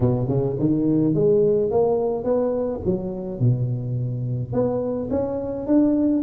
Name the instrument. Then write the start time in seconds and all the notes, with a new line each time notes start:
tuba
0.00 B2
0.27 C#3
0.59 D#3
1.14 G#3
1.70 A#3
2.24 B3
2.85 F#3
3.39 B2
4.52 B3
5.10 C#4
5.66 D4